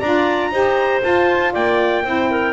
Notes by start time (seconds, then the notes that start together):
0.00 D4 F4 D5 A#5
0.51 D#4 G4 C5
1.01 F4 A5
1.53 A#3 D5 G5
2.04 C4 E4 C5
2.31 A#4